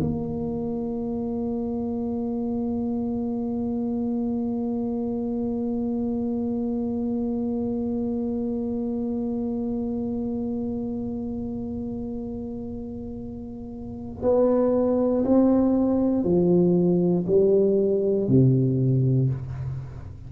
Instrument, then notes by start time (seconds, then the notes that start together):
tuba
0.00 A#3
14.22 B3
15.24 C4
16.23 F3
17.27 G3
18.28 C3